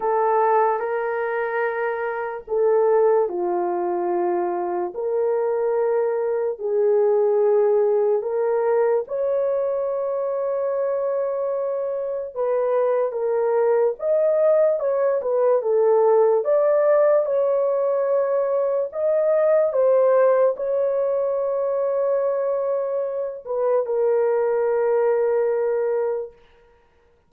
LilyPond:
\new Staff \with { instrumentName = "horn" } { \time 4/4 \tempo 4 = 73 a'4 ais'2 a'4 | f'2 ais'2 | gis'2 ais'4 cis''4~ | cis''2. b'4 |
ais'4 dis''4 cis''8 b'8 a'4 | d''4 cis''2 dis''4 | c''4 cis''2.~ | cis''8 b'8 ais'2. | }